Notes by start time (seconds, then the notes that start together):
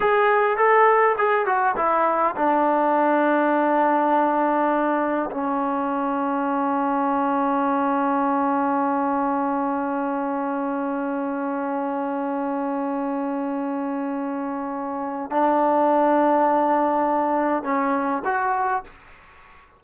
0.00 G#4
0.57 A4
1.18 G#4
1.45 F#4
1.76 E4
2.35 D4
5.30 C#4
15.30 D4
17.63 C#4
18.25 F#4